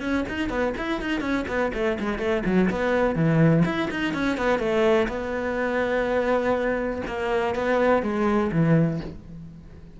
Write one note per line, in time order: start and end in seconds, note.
0.00 0.24 C#4
0.28 0.49 D#4
0.49 0.73 B3
0.77 1.01 E4
1.01 1.21 D#4
1.21 1.45 C#4
1.48 1.72 B3
1.74 1.98 A3
1.99 2.19 G#3
2.19 2.43 A3
2.45 2.70 F#3
2.70 3.15 B3
3.15 3.64 E3
3.65 3.89 E4
3.90 4.14 D#4
4.14 4.37 C#4
4.37 4.59 B3
4.59 5.07 A3
5.08 7.02 B3
7.07 7.55 A#3
7.55 8.03 B3
8.03 8.51 G#3
8.52 9.00 E3